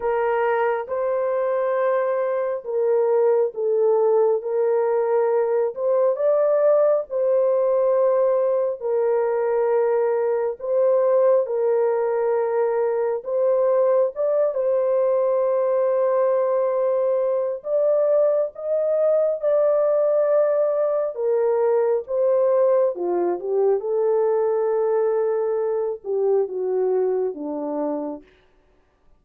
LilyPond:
\new Staff \with { instrumentName = "horn" } { \time 4/4 \tempo 4 = 68 ais'4 c''2 ais'4 | a'4 ais'4. c''8 d''4 | c''2 ais'2 | c''4 ais'2 c''4 |
d''8 c''2.~ c''8 | d''4 dis''4 d''2 | ais'4 c''4 f'8 g'8 a'4~ | a'4. g'8 fis'4 d'4 | }